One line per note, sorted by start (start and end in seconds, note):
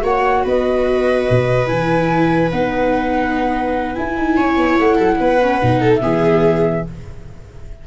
0.00 0.44 A#3
0.00 1.66 F#4
0.00 0.43 C#5
0.00 0.46 F#5
0.43 1.28 B3
0.43 4.36 B4
0.43 1.67 D#5
1.30 1.70 B2
1.67 2.52 E3
1.67 2.49 E4
1.67 2.49 G#5
2.51 3.97 B3
2.51 3.95 D#4
2.51 3.95 F#5
3.95 5.40 E4
3.95 4.17 E4
3.95 4.78 G#5
4.17 4.38 D#4
4.36 4.57 C#4
4.36 4.95 C#5
4.57 4.78 B3
4.79 4.99 A3
4.79 5.93 F#5
4.95 5.19 F#3
4.95 5.16 A4
5.20 5.61 B3
5.20 5.81 B4
5.42 5.62 C#4
5.62 6.02 B2
5.62 6.00 D#4
5.81 6.01 A4
5.94 6.87 E5
6.00 6.85 E3
6.00 6.83 B3
6.00 6.85 G#4